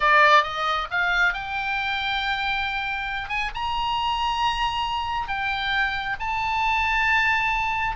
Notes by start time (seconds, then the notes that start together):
0.00 D5
0.43 D#5
0.90 F5
1.33 G5
3.28 G#5
3.54 A#5
5.28 G5
6.19 A5